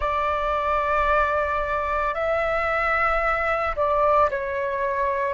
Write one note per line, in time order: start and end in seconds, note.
0.00 2.14 D5
2.14 3.75 E5
3.75 4.29 D5
4.30 5.34 C#5